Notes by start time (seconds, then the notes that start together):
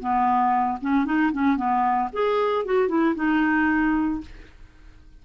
0.00 B3
0.82 C#4
1.06 D#4
1.33 C#4
1.57 B3
2.13 G#4
2.66 F#4
2.89 E4
3.16 D#4